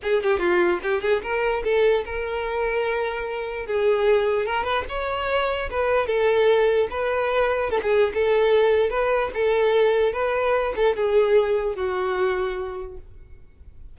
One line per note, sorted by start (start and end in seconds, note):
0.02 0.23 G#4
0.23 0.39 G4
0.39 0.79 F4
0.82 1.01 G4
1.01 1.22 G#4
1.22 1.63 A#4
1.64 2.04 A4
2.05 3.66 A#4
3.66 4.46 G#4
4.46 4.64 A#4
4.64 4.84 B4
4.88 5.69 C#5
5.70 6.06 B4
6.06 6.88 A4
6.90 7.70 B4
7.70 7.80 A4
7.82 8.12 G#4
8.14 8.90 A4
8.90 9.30 B4
9.34 10.12 A4
10.12 10.73 B4
10.76 10.96 A4
10.96 11.75 G#4
11.75 12.97 F#4